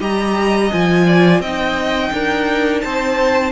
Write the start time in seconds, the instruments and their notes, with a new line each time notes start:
0.00 cello G3, viola G4, violin D#5 A#5
0.72 cello F3, viola F4, violin G#5
1.06 violin D5
1.40 cello C4, viola D#4, violin D#5 G5
2.12 cello D4, violin A#4
2.81 cello C4, violin C5 A5